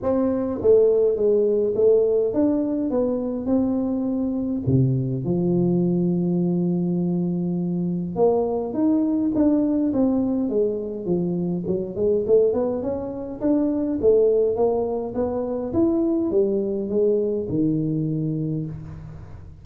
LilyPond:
\new Staff \with { instrumentName = "tuba" } { \time 4/4 \tempo 4 = 103 c'4 a4 gis4 a4 | d'4 b4 c'2 | c4 f2.~ | f2 ais4 dis'4 |
d'4 c'4 gis4 f4 | fis8 gis8 a8 b8 cis'4 d'4 | a4 ais4 b4 e'4 | g4 gis4 dis2 | }